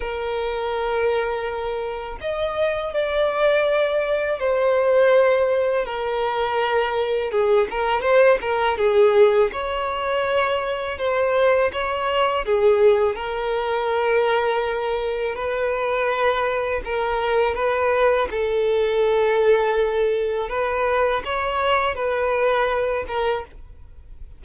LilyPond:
\new Staff \with { instrumentName = "violin" } { \time 4/4 \tempo 4 = 82 ais'2. dis''4 | d''2 c''2 | ais'2 gis'8 ais'8 c''8 ais'8 | gis'4 cis''2 c''4 |
cis''4 gis'4 ais'2~ | ais'4 b'2 ais'4 | b'4 a'2. | b'4 cis''4 b'4. ais'8 | }